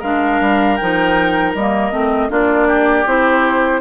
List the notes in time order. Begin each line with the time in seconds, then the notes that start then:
0.00 G#3 D4 A#4 F5
0.40 G3
0.76 F3 D#4 G5
1.55 G3 A#3 D#5
1.92 A3 C4
2.29 A#3 D4 F4 D5
2.67 G4
3.06 C4 E4 C5